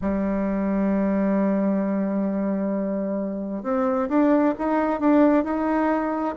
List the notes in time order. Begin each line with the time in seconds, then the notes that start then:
0.01 G3
3.63 C4
4.08 D4
4.58 D#4
5.00 D4
5.43 D#4